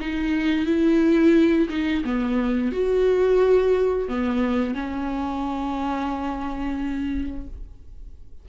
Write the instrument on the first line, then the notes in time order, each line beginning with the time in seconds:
viola
0.00 D#4
0.66 E4
1.69 D#4
2.05 B3
2.72 F#4
4.08 B3
4.74 C#4